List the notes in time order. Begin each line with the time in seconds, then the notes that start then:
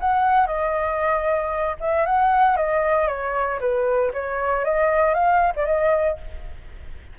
0.00 F#5
0.46 D#5
1.80 E5
2.05 F#5
2.56 D#5
3.07 C#5
3.60 B4
4.13 C#5
4.64 D#5
5.14 F5
5.55 D5
5.66 D#5